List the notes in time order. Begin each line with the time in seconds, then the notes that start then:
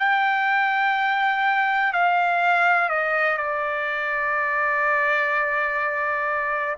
0.00 G5
1.94 F5
2.90 D#5
3.38 D5